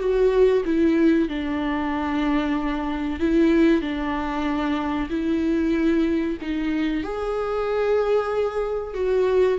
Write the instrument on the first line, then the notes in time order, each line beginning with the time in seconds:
viola
0.00 F#4
0.66 E4
1.29 D4
3.20 E4
3.82 D4
5.10 E4
6.42 D#4
7.04 G#4
8.95 F#4